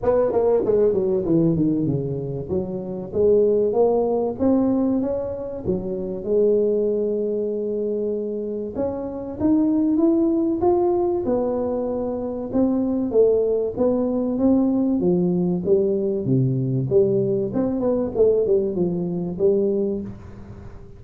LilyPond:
\new Staff \with { instrumentName = "tuba" } { \time 4/4 \tempo 4 = 96 b8 ais8 gis8 fis8 e8 dis8 cis4 | fis4 gis4 ais4 c'4 | cis'4 fis4 gis2~ | gis2 cis'4 dis'4 |
e'4 f'4 b2 | c'4 a4 b4 c'4 | f4 g4 c4 g4 | c'8 b8 a8 g8 f4 g4 | }